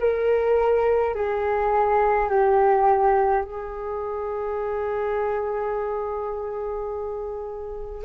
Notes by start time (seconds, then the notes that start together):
0.00 A#4
1.15 G#4
2.29 G4
3.44 G#4